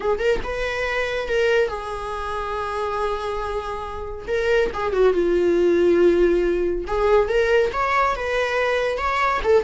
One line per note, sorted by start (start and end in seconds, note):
0.00 0.18 G#4
0.18 0.40 A#4
0.43 1.28 B4
1.28 1.68 A#4
1.68 4.25 G#4
4.27 4.70 A#4
4.73 4.92 G#4
4.92 5.13 F#4
5.13 6.85 F4
6.87 7.28 G#4
7.28 7.71 A#4
7.73 8.15 C#5
8.15 8.97 B4
8.97 9.40 C#5
9.43 9.64 A4